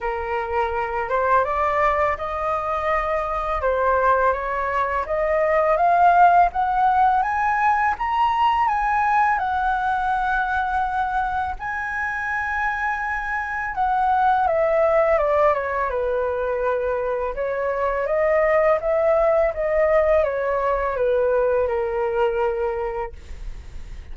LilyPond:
\new Staff \with { instrumentName = "flute" } { \time 4/4 \tempo 4 = 83 ais'4. c''8 d''4 dis''4~ | dis''4 c''4 cis''4 dis''4 | f''4 fis''4 gis''4 ais''4 | gis''4 fis''2. |
gis''2. fis''4 | e''4 d''8 cis''8 b'2 | cis''4 dis''4 e''4 dis''4 | cis''4 b'4 ais'2 | }